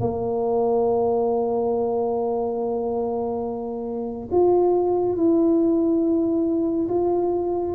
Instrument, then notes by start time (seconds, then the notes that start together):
tuba
0.00 A#3
4.31 F4
5.16 E4
6.89 F4